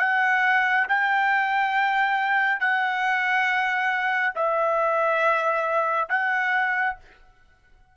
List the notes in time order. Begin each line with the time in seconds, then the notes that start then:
0.00 F#5
0.89 G5
2.60 F#5
4.35 E5
6.09 F#5